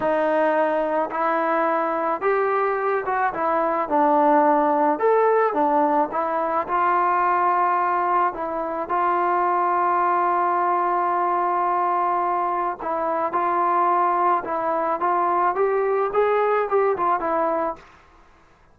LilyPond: \new Staff \with { instrumentName = "trombone" } { \time 4/4 \tempo 4 = 108 dis'2 e'2 | g'4. fis'8 e'4 d'4~ | d'4 a'4 d'4 e'4 | f'2. e'4 |
f'1~ | f'2. e'4 | f'2 e'4 f'4 | g'4 gis'4 g'8 f'8 e'4 | }